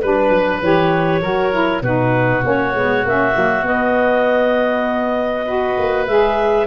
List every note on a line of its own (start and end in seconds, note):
0.00 0.30 G3
0.00 0.62 D4
0.00 0.61 B4
0.00 1.22 B4
0.30 0.60 F#3
0.62 1.22 E3
0.62 1.22 G4
0.62 1.83 C#5
1.22 1.82 F#3
1.22 1.52 F#4
1.22 1.83 A#4
1.52 1.82 E4
1.82 2.43 B2
1.82 2.43 D#4
1.82 5.46 F#4
1.82 2.44 B4
2.43 2.75 A#3
2.43 2.74 C#4
2.43 3.07 C#5
2.74 3.05 G#3
2.74 3.05 B3
3.05 3.36 A#3
3.05 3.33 C#4
3.05 3.67 E5
3.33 3.63 F#3
3.33 3.63 A#3
3.63 5.75 B3
3.63 5.46 B3
3.63 6.07 D#5
5.46 6.07 F#4
5.46 6.68 B4
5.79 6.08 A#3
6.07 6.68 G#3
6.07 6.68 G#4
6.07 6.68 E5